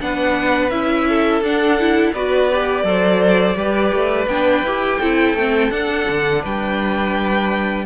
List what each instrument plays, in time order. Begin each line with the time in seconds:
0.00 cello B3, viola D4, violin B4 F#5
0.70 cello C#4, viola E4, violin E5
1.08 violin A4
1.41 cello D4, viola D4, violin F#5
1.79 viola E4
2.13 cello B3, viola F#4, violin B4 D5
2.50 viola G4
2.83 cello F#3, viola A4, violin C5
3.55 cello G3, viola G4, violin B4
3.93 cello A3
4.26 cello B3, viola D4, violin G5
4.63 cello E4, viola G4
4.99 cello C4, viola E4, violin A4
5.34 cello A3, viola C4
5.71 viola D4, cello D4, violin F#5
6.09 cello D3
6.42 cello G3, violin B4 G5